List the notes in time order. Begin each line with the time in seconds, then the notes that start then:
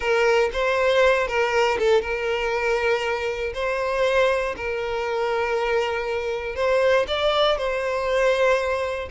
0.00 A#4
0.52 C5
1.27 A#4
1.78 A4
2.01 A#4
3.54 C5
4.56 A#4
6.55 C5
7.07 D5
7.57 C5